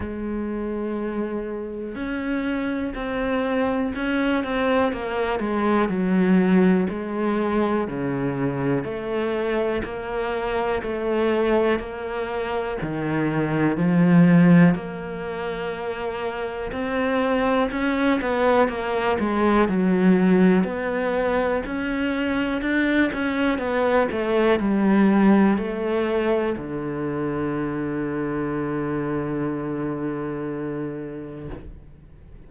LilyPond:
\new Staff \with { instrumentName = "cello" } { \time 4/4 \tempo 4 = 61 gis2 cis'4 c'4 | cis'8 c'8 ais8 gis8 fis4 gis4 | cis4 a4 ais4 a4 | ais4 dis4 f4 ais4~ |
ais4 c'4 cis'8 b8 ais8 gis8 | fis4 b4 cis'4 d'8 cis'8 | b8 a8 g4 a4 d4~ | d1 | }